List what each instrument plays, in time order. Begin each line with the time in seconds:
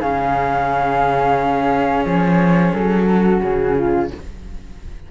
0.00 cello C#3 C#4, flute G#4 F5
2.05 cello F3, flute C#5
2.73 cello F#3, flute A4
3.07 flute F#4
3.42 cello C#3, flute G#4
3.77 flute F4